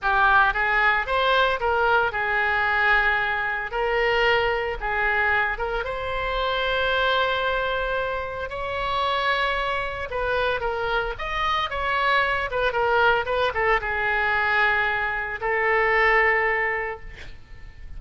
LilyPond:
\new Staff \with { instrumentName = "oboe" } { \time 4/4 \tempo 4 = 113 g'4 gis'4 c''4 ais'4 | gis'2. ais'4~ | ais'4 gis'4. ais'8 c''4~ | c''1 |
cis''2. b'4 | ais'4 dis''4 cis''4. b'8 | ais'4 b'8 a'8 gis'2~ | gis'4 a'2. | }